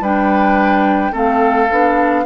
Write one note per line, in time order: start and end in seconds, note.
0.00 1.11 G3
0.00 1.12 D4
0.00 1.12 B4
0.00 1.15 G5
1.12 1.68 A3
1.12 1.68 C4
1.12 2.23 A4
1.12 2.25 F5
1.70 2.25 B3
1.70 2.25 D4